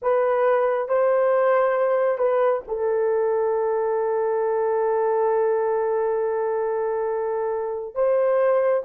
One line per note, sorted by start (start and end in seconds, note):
0.02 0.88 B4
0.88 2.18 C5
2.18 2.62 B4
2.67 7.94 A4
7.94 8.83 C5